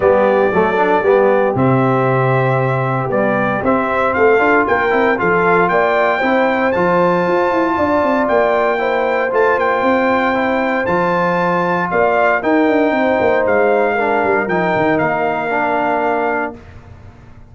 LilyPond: <<
  \new Staff \with { instrumentName = "trumpet" } { \time 4/4 \tempo 4 = 116 d''2. e''4~ | e''2 d''4 e''4 | f''4 g''4 f''4 g''4~ | g''4 a''2. |
g''2 a''8 g''4.~ | g''4 a''2 f''4 | g''2 f''2 | g''4 f''2. | }
  \new Staff \with { instrumentName = "horn" } { \time 4/4 g'4 a'4 g'2~ | g'1 | a'4 ais'4 a'4 d''4 | c''2. d''4~ |
d''4 c''2.~ | c''2. d''4 | ais'4 c''2 ais'4~ | ais'1 | }
  \new Staff \with { instrumentName = "trombone" } { \time 4/4 b4 a8 d'8 b4 c'4~ | c'2 g4 c'4~ | c'8 f'4 e'8 f'2 | e'4 f'2.~ |
f'4 e'4 f'2 | e'4 f'2. | dis'2. d'4 | dis'2 d'2 | }
  \new Staff \with { instrumentName = "tuba" } { \time 4/4 g4 fis4 g4 c4~ | c2 b4 c'4 | a8 d'8 ais8 c'8 f4 ais4 | c'4 f4 f'8 e'8 d'8 c'8 |
ais2 a8 ais8 c'4~ | c'4 f2 ais4 | dis'8 d'8 c'8 ais8 gis4. g8 | f8 dis8 ais2. | }
>>